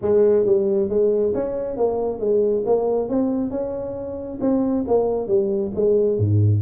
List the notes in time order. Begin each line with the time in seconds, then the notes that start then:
0.01 G#3
0.45 G3
0.89 G#3
1.34 C#4
1.76 A#3
2.19 G#3
2.66 A#3
3.09 C4
3.50 C#4
4.40 C4
4.87 A#3
5.27 G3
5.75 G#3
6.18 G#2